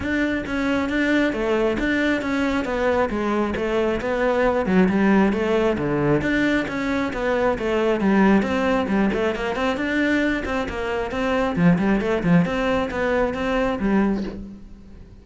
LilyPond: \new Staff \with { instrumentName = "cello" } { \time 4/4 \tempo 4 = 135 d'4 cis'4 d'4 a4 | d'4 cis'4 b4 gis4 | a4 b4. fis8 g4 | a4 d4 d'4 cis'4 |
b4 a4 g4 c'4 | g8 a8 ais8 c'8 d'4. c'8 | ais4 c'4 f8 g8 a8 f8 | c'4 b4 c'4 g4 | }